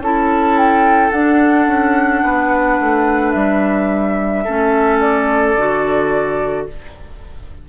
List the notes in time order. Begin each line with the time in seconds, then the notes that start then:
0.00 C#4 E4 A4 A5
0.58 G5
1.11 D4 F#5
1.67 C#4
2.23 B3 B4
2.80 A3
3.32 G3 E5
4.44 A3 C#4 A4
5.00 D5
5.56 D3 F#4